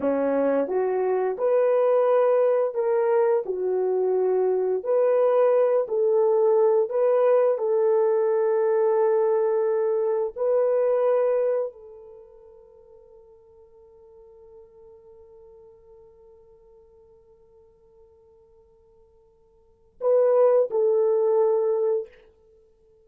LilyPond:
\new Staff \with { instrumentName = "horn" } { \time 4/4 \tempo 4 = 87 cis'4 fis'4 b'2 | ais'4 fis'2 b'4~ | b'8 a'4. b'4 a'4~ | a'2. b'4~ |
b'4 a'2.~ | a'1~ | a'1~ | a'4 b'4 a'2 | }